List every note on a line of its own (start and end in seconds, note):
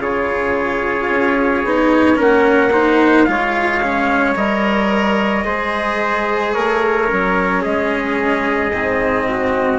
0.00 1.08 C#3
0.00 1.64 F4
0.00 2.16 G#4
0.00 2.20 C#5
1.08 1.63 C#4
1.64 2.18 B3
1.64 2.15 D#4
2.15 3.27 A#3
2.15 2.70 C#4
2.15 2.71 A#4
2.15 3.24 F#5
2.72 3.27 D#4
2.72 3.27 C5
3.24 4.35 G#3
3.24 3.81 F4
3.24 5.45 C#5
3.24 4.33 F5
3.82 4.35 C#4
4.35 5.45 G3
4.35 5.44 A#4
4.35 6.52 D#5
5.44 6.55 G#3
5.44 7.07 G#4
5.44 6.54 C5
6.52 7.11 A3
6.52 7.62 A#4
6.52 7.62 C#5
7.07 7.65 F#3
7.07 8.71 C#4
7.62 8.71 G#3
7.62 9.25 G#4
7.62 9.78 D#5
8.71 9.78 G#2
8.71 9.78 C4
9.28 9.78 F#4